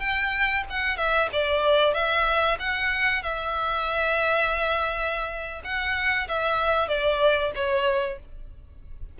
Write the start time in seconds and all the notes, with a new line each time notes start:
0.00 G5
0.70 F#5
0.97 E5
1.33 D5
1.94 E5
2.60 F#5
3.23 E5
5.64 F#5
6.28 E5
6.88 D5
7.56 C#5